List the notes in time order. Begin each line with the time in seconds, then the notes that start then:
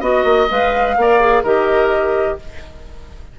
0.00 B3 F#4 D#5
0.24 A#3
0.50 G#3 B4 F5
0.97 A#3 A#4 D5
1.20 G#4
1.43 D#3 G4 A#4 D#5